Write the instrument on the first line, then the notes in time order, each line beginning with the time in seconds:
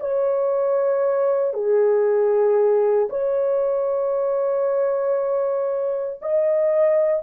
horn
0.00 C#5
1.53 G#4
3.09 C#5
6.22 D#5